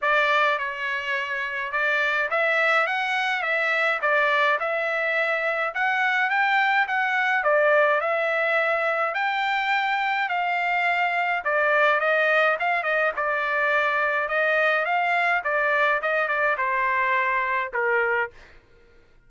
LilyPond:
\new Staff \with { instrumentName = "trumpet" } { \time 4/4 \tempo 4 = 105 d''4 cis''2 d''4 | e''4 fis''4 e''4 d''4 | e''2 fis''4 g''4 | fis''4 d''4 e''2 |
g''2 f''2 | d''4 dis''4 f''8 dis''8 d''4~ | d''4 dis''4 f''4 d''4 | dis''8 d''8 c''2 ais'4 | }